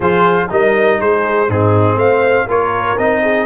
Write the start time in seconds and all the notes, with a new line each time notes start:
0.00 F3 F4 G#4 C5
0.49 G3 D#4 A#4 D#5
0.99 G#3 G#4 C5
1.48 G#2 C4 D#4 G#4
1.95 A3 C5 F5
2.47 A#3 F4 A#4 C#5
2.98 C4 D#4 D#5
3.22 G#4